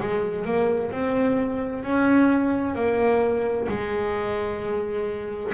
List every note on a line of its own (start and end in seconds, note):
0.00 0.45 G#3
0.45 0.91 A#3
0.91 1.83 C4
1.83 2.75 C#4
2.75 3.67 A#3
3.68 5.53 G#3